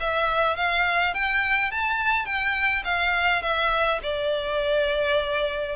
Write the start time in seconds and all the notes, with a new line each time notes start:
0.00 E5
0.56 F5
1.14 G5
1.72 A5
2.26 G5
2.85 F5
3.42 E5
4.03 D5